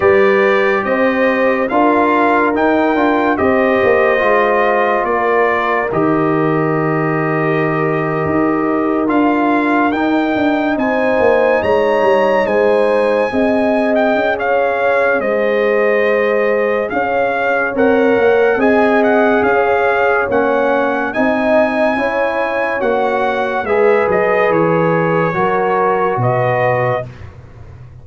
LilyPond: <<
  \new Staff \with { instrumentName = "trumpet" } { \time 4/4 \tempo 4 = 71 d''4 dis''4 f''4 g''4 | dis''2 d''4 dis''4~ | dis''2~ dis''8. f''4 g''16~ | g''8. gis''4 ais''4 gis''4~ gis''16~ |
gis''8 g''8 f''4 dis''2 | f''4 fis''4 gis''8 fis''8 f''4 | fis''4 gis''2 fis''4 | e''8 dis''8 cis''2 dis''4 | }
  \new Staff \with { instrumentName = "horn" } { \time 4/4 b'4 c''4 ais'2 | c''2 ais'2~ | ais'1~ | ais'8. c''4 cis''4 c''4 dis''16~ |
dis''4 cis''4 c''2 | cis''2 dis''4 cis''4~ | cis''4 dis''4 cis''2 | b'2 ais'4 b'4 | }
  \new Staff \with { instrumentName = "trombone" } { \time 4/4 g'2 f'4 dis'8 f'8 | g'4 f'2 g'4~ | g'2~ g'8. f'4 dis'16~ | dis'2.~ dis'8. gis'16~ |
gis'1~ | gis'4 ais'4 gis'2 | cis'4 dis'4 e'4 fis'4 | gis'2 fis'2 | }
  \new Staff \with { instrumentName = "tuba" } { \time 4/4 g4 c'4 d'4 dis'8 d'8 | c'8 ais8 gis4 ais4 dis4~ | dis4.~ dis16 dis'4 d'4 dis'16~ | dis'16 d'8 c'8 ais8 gis8 g8 gis4 c'16~ |
c'8. cis'4~ cis'16 gis2 | cis'4 c'8 ais8 c'4 cis'4 | ais4 c'4 cis'4 ais4 | gis8 fis8 e4 fis4 b,4 | }
>>